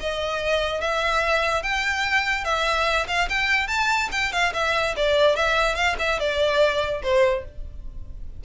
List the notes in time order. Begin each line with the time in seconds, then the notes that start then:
0.00 D#5
0.81 E5
1.63 G5
2.45 E5
3.08 F5
3.29 G5
3.68 A5
4.12 G5
4.32 F5
4.54 E5
4.96 D5
5.36 E5
5.75 F5
5.99 E5
6.20 D5
7.03 C5